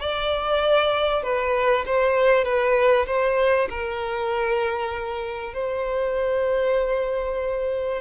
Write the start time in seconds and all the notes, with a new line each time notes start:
0.00 D5
1.23 B4
1.86 C5
2.44 B4
3.06 C5
3.69 A#4
5.54 C5